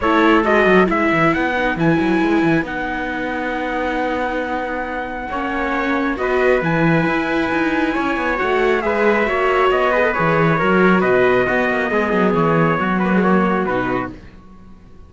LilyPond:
<<
  \new Staff \with { instrumentName = "trumpet" } { \time 4/4 \tempo 4 = 136 cis''4 dis''4 e''4 fis''4 | gis''2 fis''2~ | fis''1~ | fis''2 dis''4 gis''4~ |
gis''2. fis''4 | e''2 dis''4 cis''4~ | cis''4 dis''2. | cis''4. b'8 cis''4 b'4 | }
  \new Staff \with { instrumentName = "trumpet" } { \time 4/4 a'2 b'2~ | b'1~ | b'1 | cis''2 b'2~ |
b'2 cis''2 | b'4 cis''4. b'4. | ais'4 b'4 fis'4 gis'4~ | gis'4 fis'2. | }
  \new Staff \with { instrumentName = "viola" } { \time 4/4 e'4 fis'4 e'4. dis'8 | e'2 dis'2~ | dis'1 | cis'2 fis'4 e'4~ |
e'2. fis'4 | gis'4 fis'4. gis'16 a'16 gis'4 | fis'2 b2~ | b4. ais16 gis16 ais4 dis'4 | }
  \new Staff \with { instrumentName = "cello" } { \time 4/4 a4 gis8 fis8 gis8 e8 b4 | e8 fis8 gis8 e8 b2~ | b1 | ais2 b4 e4 |
e'4 dis'4 cis'8 b8 a4 | gis4 ais4 b4 e4 | fis4 b,4 b8 ais8 gis8 fis8 | e4 fis2 b,4 | }
>>